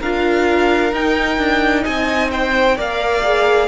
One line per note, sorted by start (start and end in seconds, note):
0.00 0.93 D4
0.00 0.93 F4
0.00 1.84 A#4
0.00 0.94 F5
0.93 1.38 D#4
0.93 2.77 D#4
0.93 1.84 G5
1.38 1.85 D4
1.84 2.79 C4
1.84 2.30 D#5
1.84 2.31 G#5
2.31 2.76 C5
2.31 2.77 G5
2.76 3.68 A#3
2.76 3.23 A#4
2.76 3.68 D5
2.76 3.68 F5
3.24 3.68 G#4